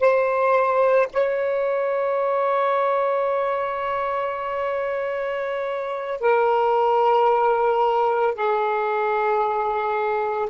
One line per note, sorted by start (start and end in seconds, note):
0.00 1.07 C5
1.12 6.20 C#5
6.20 8.34 A#4
8.34 10.49 G#4